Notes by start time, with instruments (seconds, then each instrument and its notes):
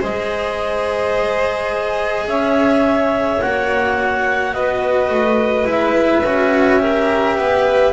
0.00 double bass G#3, cello G#4, violin C5, clarinet D#5
2.28 double bass C#4, violin C#5, clarinet E5
3.42 double bass A#3, cello F#4, clarinet F#5
4.54 double bass B3, violin B4, clarinet D#5
5.10 double bass A3
5.65 double bass G#3, cello E4, clarinet E5
6.24 double bass C#4, cello F#4
6.80 cello G4, violin A#4
7.37 double bass B3, violin B4